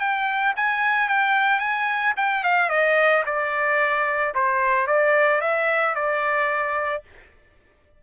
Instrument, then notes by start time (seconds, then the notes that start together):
trumpet
0.00 G5
0.56 G#5
1.09 G5
1.60 G#5
2.17 G5
2.44 F5
2.70 D#5
3.26 D5
4.35 C5
4.87 D5
5.41 E5
5.95 D5